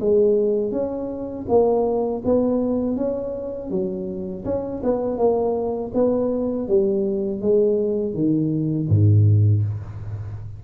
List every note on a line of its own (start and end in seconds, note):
0.00 0.72 G#3
0.72 1.46 C#4
1.48 2.22 A#3
2.25 2.96 B3
2.96 3.70 C#4
3.70 4.44 F#3
4.45 4.82 C#4
4.83 5.18 B3
5.18 5.92 A#3
5.94 6.68 B3
6.68 7.41 G3
7.41 8.14 G#3
8.14 8.88 D#3
8.89 9.63 G#2